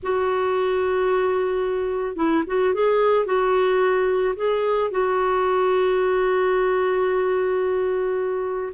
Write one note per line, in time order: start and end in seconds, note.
0.02 2.16 F#4
2.16 2.43 E4
2.46 2.73 F#4
2.73 3.25 G#4
3.25 4.34 F#4
4.36 4.90 G#4
4.90 8.72 F#4